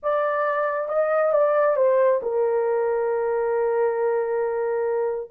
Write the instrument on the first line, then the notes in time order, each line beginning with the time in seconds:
horn
0.02 D5
0.88 D#5
1.32 D5
1.76 C5
2.22 A#4